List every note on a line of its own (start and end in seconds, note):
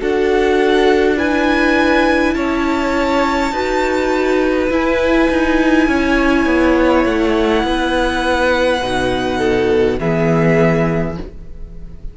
0.00 2.36 D4
0.00 1.17 F#4
0.00 1.17 A4
0.00 1.19 F#5
1.17 3.52 E4
1.17 2.35 B4
1.17 2.34 G#5
2.34 3.52 C#4
2.34 3.53 C#5
2.34 4.70 A5
3.52 4.69 D#4
3.52 4.70 F#4
3.52 5.88 B4
4.70 8.82 E4
4.70 5.29 E4
4.70 7.05 G#5
5.30 5.88 D#4
5.88 6.46 C#4
5.88 7.66 C#5
6.46 7.05 B3
7.05 7.64 A3
7.05 10.00 F#5
7.64 8.82 B3
7.64 9.37 B4
8.82 10.00 B2
8.82 9.99 D#4
9.37 9.96 A4
9.99 11.17 E3
9.99 11.16 B3
9.99 11.18 G#4
9.99 11.18 E5